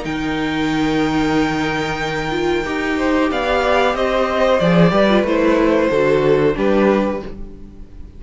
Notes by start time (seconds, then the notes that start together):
0.00 D#3 D#4 G5
0.06 A#4
2.31 F4
2.65 D#4 G4
2.97 C5
3.31 B3 D5 F5
3.94 C4 C5 D#5
4.59 F3 G#4 D5
4.92 G3 G4 B4
5.10 F4
5.23 A3 E4 C5
5.89 D3 F#4 A4
6.53 G3 D4 G4 B4